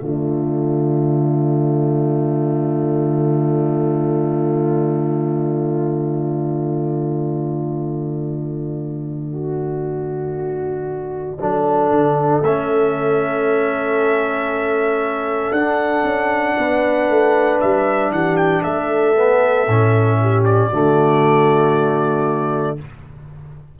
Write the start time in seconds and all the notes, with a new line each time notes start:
0.00 D3 A3 F4 D5
9.33 F#4
11.40 F#3 D4 A4
11.90 D3
12.42 A3 C#4 E5
15.51 D4 F#5
16.04 C#4
16.58 B3 B4
17.09 A3
17.60 G3 E5
18.10 E3 G4 F#5
18.37 G5
18.62 A3 A4 E5
19.15 B3
19.67 A2 C#4
20.21 G4
20.45 D5
20.69 D3 A3 F#4